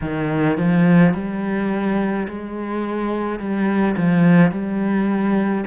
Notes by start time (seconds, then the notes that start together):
0.01 D#3
0.57 F3
1.14 G3
2.27 G#3
3.39 G3
3.96 F3
4.51 G3